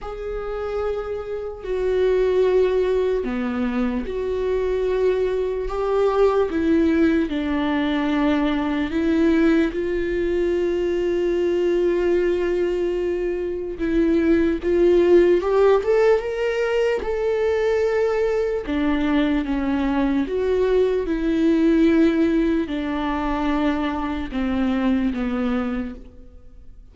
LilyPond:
\new Staff \with { instrumentName = "viola" } { \time 4/4 \tempo 4 = 74 gis'2 fis'2 | b4 fis'2 g'4 | e'4 d'2 e'4 | f'1~ |
f'4 e'4 f'4 g'8 a'8 | ais'4 a'2 d'4 | cis'4 fis'4 e'2 | d'2 c'4 b4 | }